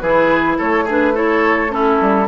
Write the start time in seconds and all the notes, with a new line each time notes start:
0.00 E3 E4 G#4 B4
0.58 A3 A4 C#5
0.85 D4 G#4
0.91 B4
1.15 E4 A4 C#5
1.70 C#4 E4 A4
2.01 G3